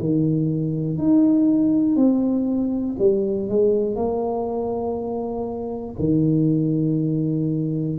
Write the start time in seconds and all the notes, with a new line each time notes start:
0.00 D#3
0.99 D#4
1.96 C4
2.99 G3
3.49 G#3
3.96 A#3
5.99 D#3